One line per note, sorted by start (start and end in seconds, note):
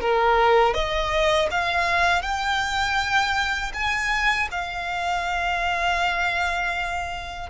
0.00 0.73 A#4
0.73 1.48 D#5
1.50 2.22 F5
2.22 3.72 G5
3.73 4.48 G#5
4.51 7.49 F5